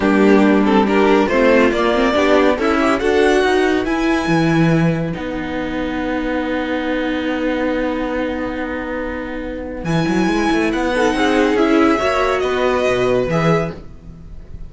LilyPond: <<
  \new Staff \with { instrumentName = "violin" } { \time 4/4 \tempo 4 = 140 g'4. a'8 ais'4 c''4 | d''2 e''4 fis''4~ | fis''4 gis''2. | fis''1~ |
fis''1~ | fis''2. gis''4~ | gis''4 fis''2 e''4~ | e''4 dis''2 e''4 | }
  \new Staff \with { instrumentName = "violin" } { \time 4/4 d'2 g'4 f'4~ | f'4 g'4 e'4 a'4 | b'1~ | b'1~ |
b'1~ | b'1~ | b'4. a'8 gis'2 | cis''4 b'2. | }
  \new Staff \with { instrumentName = "viola" } { \time 4/4 ais4. c'8 d'4 c'4 | ais8 c'8 d'4 a'8 g'8 fis'4~ | fis'4 e'2. | dis'1~ |
dis'1~ | dis'2. e'4~ | e'4. dis'4. e'4 | fis'2. gis'4 | }
  \new Staff \with { instrumentName = "cello" } { \time 4/4 g2. a4 | ais4 b4 cis'4 d'4 | dis'4 e'4 e2 | b1~ |
b1~ | b2. e8 fis8 | gis8 a8 b4 c'4 cis'4 | ais4 b4 b,4 e4 | }
>>